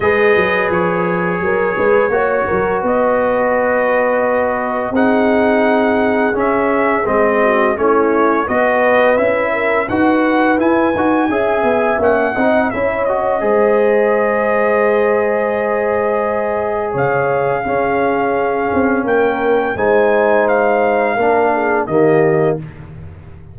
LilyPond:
<<
  \new Staff \with { instrumentName = "trumpet" } { \time 4/4 \tempo 4 = 85 dis''4 cis''2. | dis''2. fis''4~ | fis''4 e''4 dis''4 cis''4 | dis''4 e''4 fis''4 gis''4~ |
gis''4 fis''4 e''8 dis''4.~ | dis''1 | f''2. g''4 | gis''4 f''2 dis''4 | }
  \new Staff \with { instrumentName = "horn" } { \time 4/4 b'2 ais'8 b'8 cis''8 ais'8 | b'2. gis'4~ | gis'2~ gis'8 fis'8 e'4 | b'4. ais'8 b'2 |
e''4. dis''8 cis''4 c''4~ | c''1 | cis''4 gis'2 ais'4 | c''2 ais'8 gis'8 g'4 | }
  \new Staff \with { instrumentName = "trombone" } { \time 4/4 gis'2. fis'4~ | fis'2. dis'4~ | dis'4 cis'4 c'4 cis'4 | fis'4 e'4 fis'4 e'8 fis'8 |
gis'4 cis'8 dis'8 e'8 fis'8 gis'4~ | gis'1~ | gis'4 cis'2. | dis'2 d'4 ais4 | }
  \new Staff \with { instrumentName = "tuba" } { \time 4/4 gis8 fis8 f4 fis8 gis8 ais8 fis8 | b2. c'4~ | c'4 cis'4 gis4 a4 | b4 cis'4 dis'4 e'8 dis'8 |
cis'8 b8 ais8 c'8 cis'4 gis4~ | gis1 | cis4 cis'4. c'8 ais4 | gis2 ais4 dis4 | }
>>